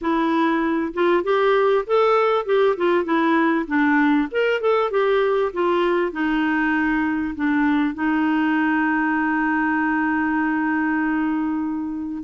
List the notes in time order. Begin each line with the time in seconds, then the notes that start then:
0.01 E4
0.93 F4
1.23 G4
1.86 A4
2.45 G4
2.76 F4
3.04 E4
3.67 D4
4.31 A#4
4.60 A4
4.90 G4
5.53 F4
6.12 D#4
7.35 D4
7.94 D#4